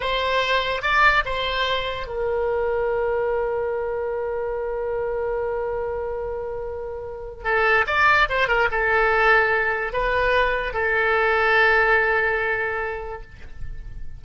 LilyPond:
\new Staff \with { instrumentName = "oboe" } { \time 4/4 \tempo 4 = 145 c''2 d''4 c''4~ | c''4 ais'2.~ | ais'1~ | ais'1~ |
ais'2 a'4 d''4 | c''8 ais'8 a'2. | b'2 a'2~ | a'1 | }